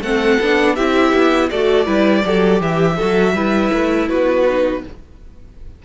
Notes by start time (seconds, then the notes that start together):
0.00 A3 C4 A4 F#5
0.41 B3 D4
0.76 C4 E4 G4 E5
1.13 B3
1.50 A3 F#4 A4 D5
1.86 G3 E4 B4
2.24 F#3 G4 A4
2.61 E3 G4 E5
2.97 F#4 A4
3.03 F#3
3.33 G3 E4 B4
3.73 A3
4.09 B3 F#4 B4
4.48 D#4